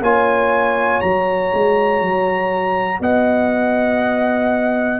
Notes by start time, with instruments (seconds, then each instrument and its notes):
0.00 tuba A#3, trombone F4, horn C#5, trumpet G#5
1.00 tuba F#3, trombone F#4, trumpet A#5
1.53 tuba G#3
2.01 tuba F#3
3.00 tuba B3, horn D#5, trumpet F#5